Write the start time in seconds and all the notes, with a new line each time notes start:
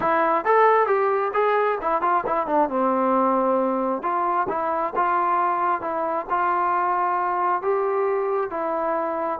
0.00 E4
0.44 A4
0.86 G4
1.33 G#4
1.81 E4
2.01 F4
2.26 E4
2.46 D4
2.69 C4
4.02 F4
4.49 E4
4.95 F4
5.81 E4
6.29 F4
7.62 G4
8.50 E4